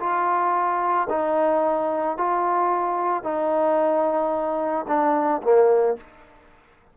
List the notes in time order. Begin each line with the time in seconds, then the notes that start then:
0.00 F4
1.09 D#4
2.18 F4
3.24 D#4
4.88 D4
5.43 A#3